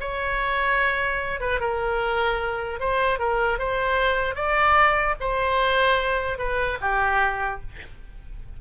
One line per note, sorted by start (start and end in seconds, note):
0.00 1.40 C#5
1.40 1.60 B4
1.60 2.79 A#4
2.79 3.19 C5
3.19 3.58 A#4
3.58 4.35 C5
4.35 5.15 D5
5.20 6.38 C5
6.38 6.78 B4
6.81 7.61 G4